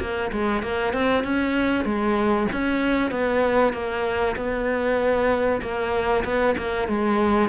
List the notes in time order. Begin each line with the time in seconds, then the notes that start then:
0.00 A#3
0.32 G#3
0.62 A#3
0.93 C4
1.24 C#4
1.85 G#3
2.52 C#4
3.11 B3
3.73 A#3
4.36 B3
5.62 A#3
6.24 B3
6.58 A#3
6.88 G#3